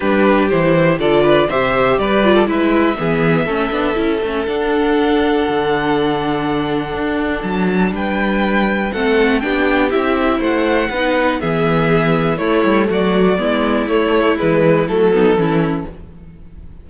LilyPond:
<<
  \new Staff \with { instrumentName = "violin" } { \time 4/4 \tempo 4 = 121 b'4 c''4 d''4 e''4 | d''4 e''2.~ | e''4 fis''2.~ | fis''2. a''4 |
g''2 fis''4 g''4 | e''4 fis''2 e''4~ | e''4 cis''4 d''2 | cis''4 b'4 a'2 | }
  \new Staff \with { instrumentName = "violin" } { \time 4/4 g'2 a'8 b'8 c''4 | b'8. a'16 b'4 gis'4 a'4~ | a'1~ | a'1 |
b'2 a'4 g'4~ | g'4 c''4 b'4 gis'4~ | gis'4 e'4 fis'4 e'4~ | e'2~ e'8 dis'8 e'4 | }
  \new Staff \with { instrumentName = "viola" } { \time 4/4 d'4 e'4 f'4 g'4~ | g'8 f'8 e'4 b4 cis'8 d'8 | e'8 cis'8 d'2.~ | d'1~ |
d'2 c'4 d'4 | e'2 dis'4 b4~ | b4 a2 b4 | a4 gis4 a8 b8 cis'4 | }
  \new Staff \with { instrumentName = "cello" } { \time 4/4 g4 e4 d4 c4 | g4 gis4 e4 a8 b8 | cis'8 a8 d'2 d4~ | d2 d'4 fis4 |
g2 a4 b4 | c'4 a4 b4 e4~ | e4 a8 g8 fis4 gis4 | a4 e4 fis4 e4 | }
>>